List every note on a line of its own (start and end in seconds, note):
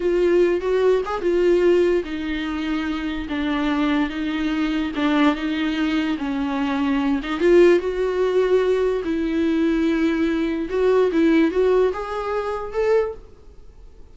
0.00 0.60 F4
0.60 1.01 F#4
1.05 1.21 G#4
1.21 2.03 F4
2.04 3.27 D#4
3.29 4.09 D4
4.09 4.91 D#4
4.95 5.35 D4
5.35 6.17 D#4
6.18 7.20 C#4
7.22 7.40 D#4
7.40 7.79 F4
7.79 9.02 F#4
9.04 10.68 E4
10.69 11.11 F#4
11.12 11.51 E4
11.51 11.92 F#4
11.93 12.72 G#4
12.72 13.14 A4